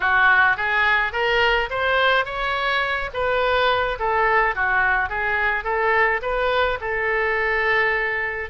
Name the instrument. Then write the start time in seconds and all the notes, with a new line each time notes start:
oboe
0.00 F#4
0.57 G#4
1.12 A#4
1.70 C5
2.25 C#5
3.13 B4
3.99 A4
4.55 F#4
5.09 G#4
5.64 A4
6.22 B4
6.81 A4